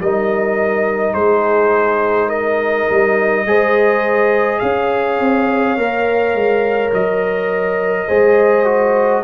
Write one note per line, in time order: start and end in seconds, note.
0.00 1.15 G3
0.00 3.47 D#4
0.00 1.15 A#4
0.00 1.14 D#5
1.14 2.88 G#3
1.14 2.28 G#4
1.14 2.30 C5
2.28 3.44 A#4
2.28 4.59 D#5
2.90 3.46 G3
3.46 4.61 G#3
3.46 5.78 G#4
3.46 4.62 C5
4.59 5.20 C#4
4.59 8.08 C#5
4.59 6.90 F5
5.20 5.77 C4
5.77 6.35 A#3
5.77 8.09 A#4
6.35 6.92 G#3
6.94 8.09 F#3
6.94 9.24 D#5
8.08 9.24 G#3
8.08 8.65 G#4
8.08 9.23 C5
8.65 9.23 F#4